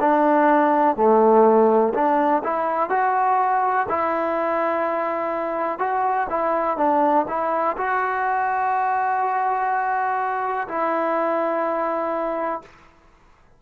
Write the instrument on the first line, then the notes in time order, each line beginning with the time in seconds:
trombone
0.00 D4
0.96 A3
1.94 D4
2.43 E4
2.89 F#4
3.88 E4
5.79 F#4
6.29 E4
6.77 D4
7.28 E4
7.77 F#4
10.68 E4